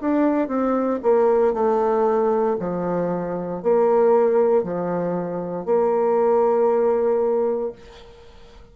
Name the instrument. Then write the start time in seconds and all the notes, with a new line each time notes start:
bassoon
0.00 D4
0.47 C4
1.03 A#3
1.53 A3
2.59 F3
3.62 A#3
4.63 F3
5.65 A#3